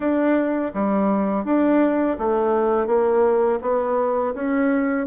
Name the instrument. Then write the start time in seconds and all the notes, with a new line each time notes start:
bassoon
0.00 D4
0.74 G3
1.45 D4
2.18 A3
2.87 A#3
3.61 B3
4.34 C#4